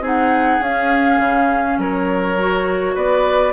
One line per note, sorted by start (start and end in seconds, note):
0.00 0.59 C4
0.00 0.61 D#4
0.00 1.78 G#4
0.00 0.63 F#5
0.60 1.19 C#4
0.60 2.38 C#4
0.60 1.81 F5
1.19 1.78 C#3
1.78 2.96 F#3
1.78 2.95 A#4
1.78 2.97 C#5
2.38 3.53 F#4
2.95 3.53 B3
2.95 3.53 B4
2.95 3.53 D5